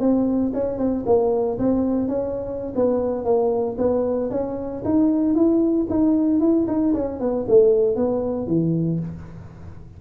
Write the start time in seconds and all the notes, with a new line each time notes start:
0.00 C4
0.54 C#4
0.78 C4
1.06 A#3
1.59 C4
2.08 C#4
2.76 B3
3.25 A#3
3.78 B3
4.31 C#4
4.85 D#4
5.35 E4
5.90 D#4
6.40 E4
6.68 D#4
6.94 C#4
7.20 B3
7.48 A3
7.96 B3
8.47 E3